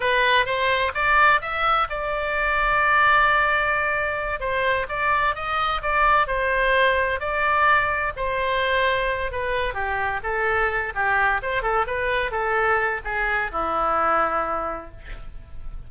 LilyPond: \new Staff \with { instrumentName = "oboe" } { \time 4/4 \tempo 4 = 129 b'4 c''4 d''4 e''4 | d''1~ | d''4. c''4 d''4 dis''8~ | dis''8 d''4 c''2 d''8~ |
d''4. c''2~ c''8 | b'4 g'4 a'4. g'8~ | g'8 c''8 a'8 b'4 a'4. | gis'4 e'2. | }